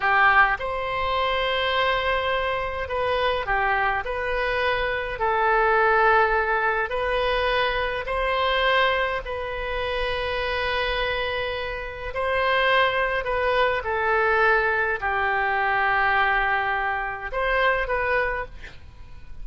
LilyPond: \new Staff \with { instrumentName = "oboe" } { \time 4/4 \tempo 4 = 104 g'4 c''2.~ | c''4 b'4 g'4 b'4~ | b'4 a'2. | b'2 c''2 |
b'1~ | b'4 c''2 b'4 | a'2 g'2~ | g'2 c''4 b'4 | }